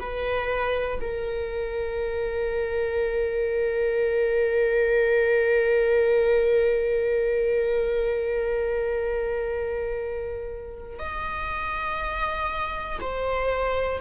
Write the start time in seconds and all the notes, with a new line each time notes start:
0.00 B4
1.01 A#4
11.00 D#5
13.00 C5